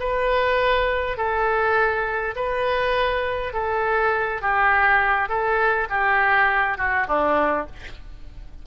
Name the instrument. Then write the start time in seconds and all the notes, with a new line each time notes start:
oboe
0.00 B4
1.18 A4
2.36 B4
3.53 A4
4.42 G4
5.29 A4
5.90 G4
6.78 F#4
7.08 D4